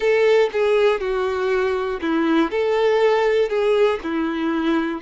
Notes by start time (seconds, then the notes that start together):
0.00 A4
0.52 G#4
1.00 F#4
2.00 E4
2.50 A4
3.49 G#4
4.03 E4